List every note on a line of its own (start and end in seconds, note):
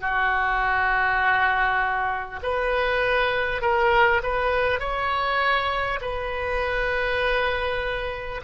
0.00 2.40 F#4
2.42 3.61 B4
3.61 4.21 A#4
4.22 4.79 B4
4.79 5.99 C#5
6.01 8.41 B4